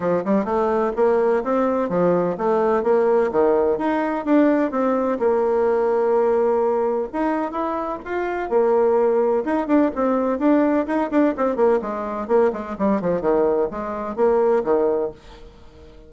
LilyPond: \new Staff \with { instrumentName = "bassoon" } { \time 4/4 \tempo 4 = 127 f8 g8 a4 ais4 c'4 | f4 a4 ais4 dis4 | dis'4 d'4 c'4 ais4~ | ais2. dis'4 |
e'4 f'4 ais2 | dis'8 d'8 c'4 d'4 dis'8 d'8 | c'8 ais8 gis4 ais8 gis8 g8 f8 | dis4 gis4 ais4 dis4 | }